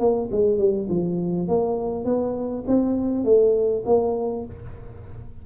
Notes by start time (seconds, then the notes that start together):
0.00 A#3
0.32 G#3
0.59 G3
0.90 F3
1.48 A#3
2.05 B3
2.68 C4
3.25 A3
3.86 A#3